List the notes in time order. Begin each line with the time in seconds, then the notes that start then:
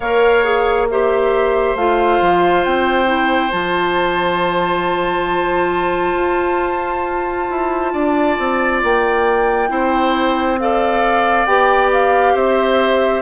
0.00 A#3 A#4 C#5 F5
0.44 G#4
0.90 G4 C5 E5
1.75 A3 F4 F5
2.21 F3
2.63 C4 G5
3.05 E4
3.51 F3 F4 A5
6.14 F4
7.50 E4
7.92 D4 D5
8.38 C4
8.83 A#3 G5
9.69 C4 E4 C5
10.59 A4 D5 F5
11.45 B3 G4 G5
11.92 F5
12.33 C4 C5 E5